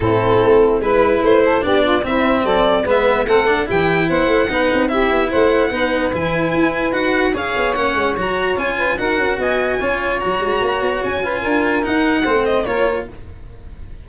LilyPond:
<<
  \new Staff \with { instrumentName = "violin" } { \time 4/4 \tempo 4 = 147 a'2 b'4 c''4 | d''4 e''4 d''4 e''4 | fis''4 g''4 fis''2 | e''4 fis''2 gis''4~ |
gis''4 fis''4 f''4 fis''4 | ais''4 gis''4 fis''4 gis''4~ | gis''4 ais''2 gis''4~ | gis''4 fis''4. dis''8 cis''4 | }
  \new Staff \with { instrumentName = "saxophone" } { \time 4/4 e'2 b'4. a'8 | g'8 f'8 e'4 a'4 b'4 | a'4 g'4 c''4 b'4 | g'4 c''4 b'2~ |
b'2 cis''2~ | cis''4. b'8 ais'4 dis''4 | cis''2.~ cis''8 b'8 | ais'2 c''4 ais'4 | }
  \new Staff \with { instrumentName = "cello" } { \time 4/4 c'2 e'2 | d'4 c'2 b4 | c'8 d'8 e'2 dis'4 | e'2 dis'4 e'4~ |
e'4 fis'4 gis'4 cis'4 | fis'4 f'4 fis'2 | f'4 fis'2~ fis'8 f'8~ | f'4 dis'4 c'4 f'4 | }
  \new Staff \with { instrumentName = "tuba" } { \time 4/4 a,4 a4 gis4 a4 | b4 c'4 fis4 gis4 | a4 e4 b8 a8 b8 c'8~ | c'8 b8 a4 b4 e4 |
e'4 dis'4 cis'8 b8 ais8 gis8 | fis4 cis'4 dis'8 cis'8 b4 | cis'4 fis8 gis8 ais8 b8 cis'4 | d'4 dis'4 a4 ais4 | }
>>